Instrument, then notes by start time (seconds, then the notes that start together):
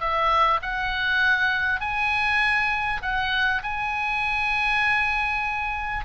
oboe
0.00 E5
0.62 F#5
1.81 G#5
3.02 F#5
3.63 G#5